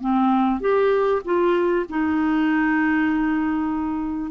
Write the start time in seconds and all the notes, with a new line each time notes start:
0.00 C4
0.60 G4
1.24 F4
1.89 D#4